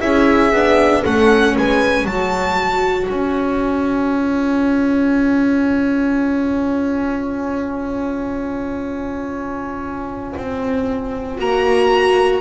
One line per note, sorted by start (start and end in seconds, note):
0.00 0.52 C#4
0.00 0.52 E4
0.00 1.02 G#4
0.00 1.04 E5
0.52 1.04 B3
0.52 1.05 D4
1.02 1.56 A3
1.02 2.08 C#4
1.02 1.54 A4
1.02 1.56 F#5
1.56 2.05 G#3
1.56 2.07 B4
1.56 2.06 G#5
2.05 3.08 F#3
2.05 4.15 F#4
2.05 12.41 C#5
2.05 3.10 A5
3.09 10.33 C#4
3.09 11.37 G#5
4.15 11.38 F4
10.37 11.39 C4
11.38 12.41 A#3
11.38 12.41 F#4
11.38 12.41 A#5